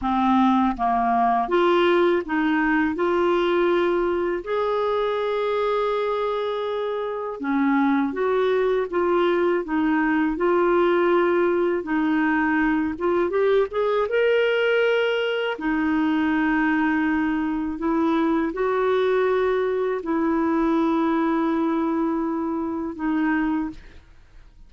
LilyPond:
\new Staff \with { instrumentName = "clarinet" } { \time 4/4 \tempo 4 = 81 c'4 ais4 f'4 dis'4 | f'2 gis'2~ | gis'2 cis'4 fis'4 | f'4 dis'4 f'2 |
dis'4. f'8 g'8 gis'8 ais'4~ | ais'4 dis'2. | e'4 fis'2 e'4~ | e'2. dis'4 | }